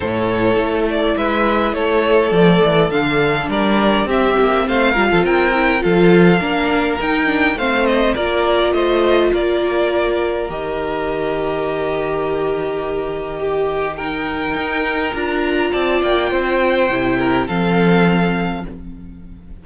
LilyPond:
<<
  \new Staff \with { instrumentName = "violin" } { \time 4/4 \tempo 4 = 103 cis''4. d''8 e''4 cis''4 | d''4 f''4 d''4 e''4 | f''4 g''4 f''2 | g''4 f''8 dis''8 d''4 dis''4 |
d''2 dis''2~ | dis''1 | g''2 ais''4 a''8 g''8~ | g''2 f''2 | }
  \new Staff \with { instrumentName = "violin" } { \time 4/4 a'2 b'4 a'4~ | a'2 ais'4 g'4 | c''8 ais'16 a'16 ais'4 a'4 ais'4~ | ais'4 c''4 ais'4 c''4 |
ais'1~ | ais'2. g'4 | ais'2. d''4 | c''4. ais'8 a'2 | }
  \new Staff \with { instrumentName = "viola" } { \time 4/4 e'1 | a4 d'2 c'4~ | c'8 f'4 e'8 f'4 d'4 | dis'8 d'8 c'4 f'2~ |
f'2 g'2~ | g'1 | dis'2 f'2~ | f'4 e'4 c'2 | }
  \new Staff \with { instrumentName = "cello" } { \time 4/4 a,4 a4 gis4 a4 | f8 e8 d4 g4 c'8 ais8 | a8 g16 f16 c'4 f4 ais4 | dis'4 a4 ais4 a4 |
ais2 dis2~ | dis1~ | dis4 dis'4 d'4 c'8 ais8 | c'4 c4 f2 | }
>>